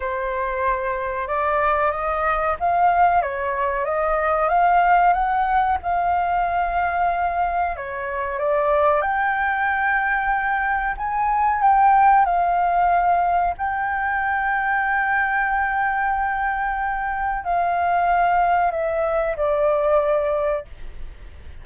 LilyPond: \new Staff \with { instrumentName = "flute" } { \time 4/4 \tempo 4 = 93 c''2 d''4 dis''4 | f''4 cis''4 dis''4 f''4 | fis''4 f''2. | cis''4 d''4 g''2~ |
g''4 gis''4 g''4 f''4~ | f''4 g''2.~ | g''2. f''4~ | f''4 e''4 d''2 | }